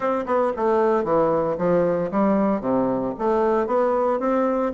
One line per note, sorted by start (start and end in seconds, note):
0.00 0.25 C4
0.26 0.52 B3
0.56 1.04 A3
1.04 1.56 E3
1.58 2.10 F3
2.11 2.61 G3
2.61 3.13 C3
3.18 3.67 A3
3.67 4.19 B3
4.19 4.72 C4